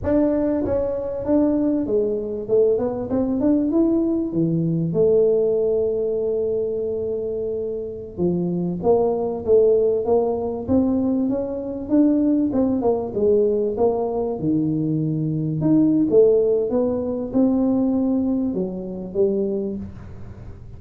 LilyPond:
\new Staff \with { instrumentName = "tuba" } { \time 4/4 \tempo 4 = 97 d'4 cis'4 d'4 gis4 | a8 b8 c'8 d'8 e'4 e4 | a1~ | a4~ a16 f4 ais4 a8.~ |
a16 ais4 c'4 cis'4 d'8.~ | d'16 c'8 ais8 gis4 ais4 dis8.~ | dis4~ dis16 dis'8. a4 b4 | c'2 fis4 g4 | }